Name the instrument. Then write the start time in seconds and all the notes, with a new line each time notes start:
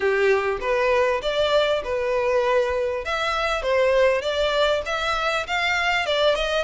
violin
0.00 G4
0.60 B4
1.21 D5
1.84 B4
3.04 E5
3.62 C5
4.21 D5
4.85 E5
5.46 F5
6.06 D5
6.35 D#5